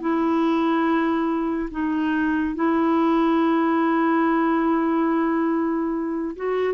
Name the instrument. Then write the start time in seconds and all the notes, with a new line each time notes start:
clarinet
0.00 E4
1.71 D#4
2.55 E4
6.36 F#4